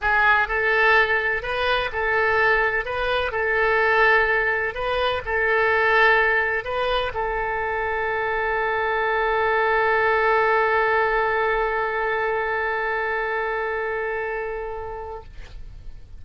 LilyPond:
\new Staff \with { instrumentName = "oboe" } { \time 4/4 \tempo 4 = 126 gis'4 a'2 b'4 | a'2 b'4 a'4~ | a'2 b'4 a'4~ | a'2 b'4 a'4~ |
a'1~ | a'1~ | a'1~ | a'1 | }